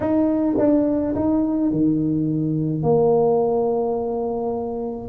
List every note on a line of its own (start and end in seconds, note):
0.00 0.56 D#4
0.58 1.14 D4
1.15 1.71 D#4
1.71 2.83 D#3
2.83 5.08 A#3